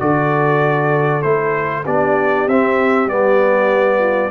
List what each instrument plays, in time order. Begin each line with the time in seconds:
0.00 tuba D3, trombone F#4, horn A4, trumpet D5
1.23 tuba A3, trombone E4, trumpet C5
1.85 tuba B3, trombone D4, horn G4, trumpet D5
2.48 tuba C4, trombone C4, trumpet E5
3.07 tuba G3, trombone B3, trumpet D5
3.99 horn F4